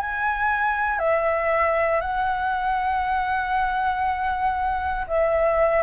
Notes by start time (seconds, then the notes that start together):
0.00 G#5
0.99 E5
2.01 F#5
5.07 E5